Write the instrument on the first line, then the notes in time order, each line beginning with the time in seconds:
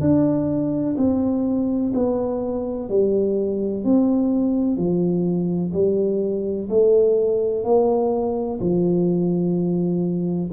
tuba
0.00 D4
0.97 C4
1.94 B3
2.89 G3
3.84 C4
4.76 F3
5.73 G3
6.69 A3
7.64 A#3
8.60 F3